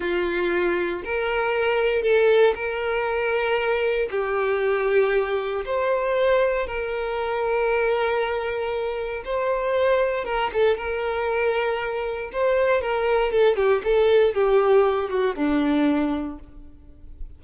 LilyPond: \new Staff \with { instrumentName = "violin" } { \time 4/4 \tempo 4 = 117 f'2 ais'2 | a'4 ais'2. | g'2. c''4~ | c''4 ais'2.~ |
ais'2 c''2 | ais'8 a'8 ais'2. | c''4 ais'4 a'8 g'8 a'4 | g'4. fis'8 d'2 | }